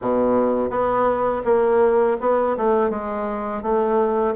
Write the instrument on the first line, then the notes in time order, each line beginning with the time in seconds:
bassoon
0.01 B2
0.70 B3
1.45 A#3
2.20 B3
2.57 A3
2.90 G#3
3.62 A3